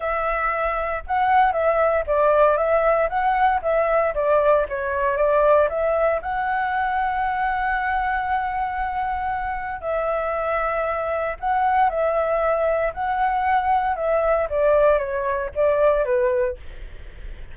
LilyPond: \new Staff \with { instrumentName = "flute" } { \time 4/4 \tempo 4 = 116 e''2 fis''4 e''4 | d''4 e''4 fis''4 e''4 | d''4 cis''4 d''4 e''4 | fis''1~ |
fis''2. e''4~ | e''2 fis''4 e''4~ | e''4 fis''2 e''4 | d''4 cis''4 d''4 b'4 | }